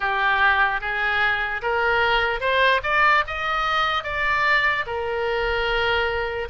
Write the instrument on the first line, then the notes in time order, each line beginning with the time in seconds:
oboe
0.00 G4
0.80 G#4
1.62 A#4
2.40 C5
2.83 D5
3.27 D#5
4.03 D5
4.86 A#4